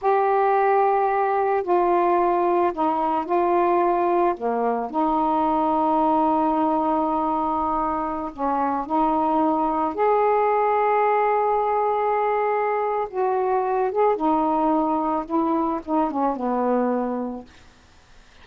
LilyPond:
\new Staff \with { instrumentName = "saxophone" } { \time 4/4 \tempo 4 = 110 g'2. f'4~ | f'4 dis'4 f'2 | ais4 dis'2.~ | dis'2.~ dis'16 cis'8.~ |
cis'16 dis'2 gis'4.~ gis'16~ | gis'1 | fis'4. gis'8 dis'2 | e'4 dis'8 cis'8 b2 | }